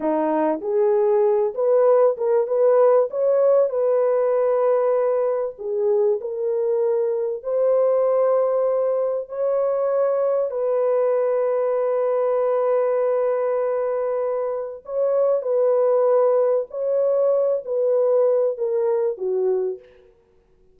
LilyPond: \new Staff \with { instrumentName = "horn" } { \time 4/4 \tempo 4 = 97 dis'4 gis'4. b'4 ais'8 | b'4 cis''4 b'2~ | b'4 gis'4 ais'2 | c''2. cis''4~ |
cis''4 b'2.~ | b'1 | cis''4 b'2 cis''4~ | cis''8 b'4. ais'4 fis'4 | }